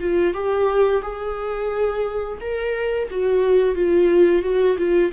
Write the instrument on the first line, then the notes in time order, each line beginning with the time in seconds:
viola
0.00 F4
0.33 G4
1.02 G#4
2.40 A#4
3.10 F#4
3.74 F4
4.42 F#4
4.77 F4